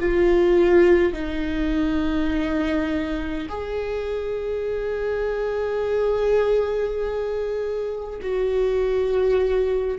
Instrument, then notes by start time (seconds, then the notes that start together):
viola
0.00 F4
1.13 D#4
3.49 G#4
8.21 F#4